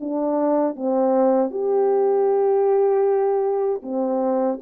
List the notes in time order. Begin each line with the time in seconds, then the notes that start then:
0.00 D4
0.76 C4
1.50 G4
3.83 C4